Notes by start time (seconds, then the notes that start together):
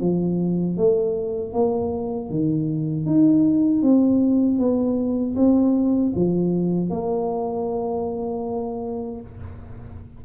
0.00 F3
0.77 A3
1.53 A#3
2.29 D#3
3.06 D#4
3.82 C4
4.58 B3
5.36 C4
6.15 F3
6.90 A#3